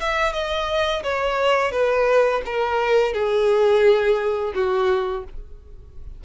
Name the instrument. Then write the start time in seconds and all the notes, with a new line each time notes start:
violin
0.00 E5
0.33 D#5
1.03 C#5
1.72 B4
2.45 A#4
3.14 G#4
4.54 F#4